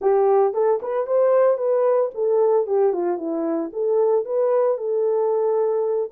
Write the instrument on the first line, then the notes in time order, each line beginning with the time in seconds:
horn
0.01 G4
0.53 A4
0.82 B4
1.06 C5
1.57 B4
2.14 A4
2.66 G4
2.93 F4
3.17 E4
3.72 A4
4.25 B4
4.77 A4